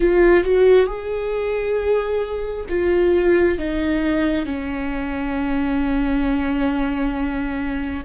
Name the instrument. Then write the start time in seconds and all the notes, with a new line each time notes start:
viola
0.00 F4
0.44 F#4
0.86 G#4
2.69 F4
3.58 D#4
4.45 C#4